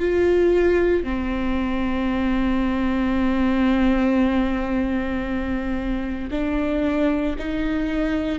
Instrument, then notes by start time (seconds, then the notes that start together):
viola
0.00 F4
1.04 C4
6.31 D4
7.39 D#4